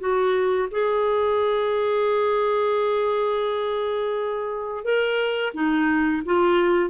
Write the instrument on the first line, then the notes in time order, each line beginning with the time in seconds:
clarinet
0.00 F#4
0.71 G#4
4.85 A#4
5.54 D#4
6.26 F4